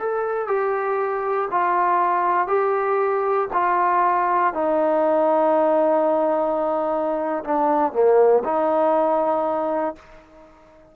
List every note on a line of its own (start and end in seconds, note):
0.00 0.48 A4
0.48 1.49 G4
1.52 2.48 F4
2.48 3.49 G4
3.53 4.54 F4
4.54 7.44 D#4
7.45 7.93 D4
7.93 8.43 A#3
8.45 9.96 D#4